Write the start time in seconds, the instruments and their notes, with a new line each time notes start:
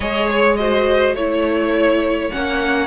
0.00 cello G#3, viola G#4, violin C#5 D#5
0.30 violin C#5
0.56 viola F#4, violin C5 D#5
1.14 cello A3, viola E4, violin C#5
2.30 cello A#3, viola C#4, violin F#5